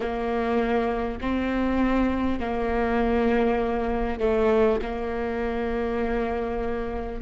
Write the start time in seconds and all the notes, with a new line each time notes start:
0.00 A#3
1.20 C4
2.39 A#3
4.19 A3
4.82 A#3